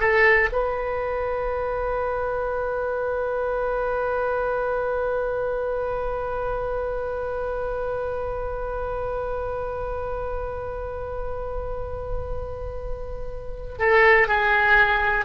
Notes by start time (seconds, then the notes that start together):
0.00 A4
0.52 B4
13.78 A4
14.28 G#4